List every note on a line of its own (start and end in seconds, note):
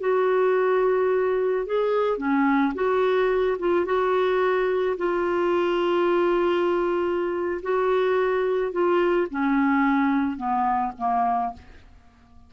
0.00 1.66 F#4
1.66 2.18 G#4
2.18 2.73 C#4
2.74 3.58 F#4
3.59 3.85 F4
3.85 4.96 F#4
4.97 7.61 F4
7.62 8.72 F#4
8.72 9.28 F4
9.30 10.37 C#4
10.37 10.92 B3
10.97 11.53 A#3